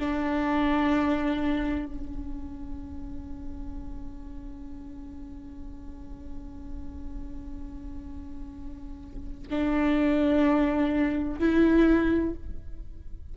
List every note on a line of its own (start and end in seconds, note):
0.00 1.86 D4
1.86 9.48 C#4
9.51 11.39 D4
11.39 12.35 E4